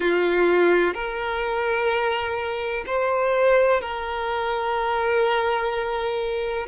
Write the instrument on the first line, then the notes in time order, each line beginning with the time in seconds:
violin
0.00 F4
0.94 A#4
2.86 C5
3.81 A#4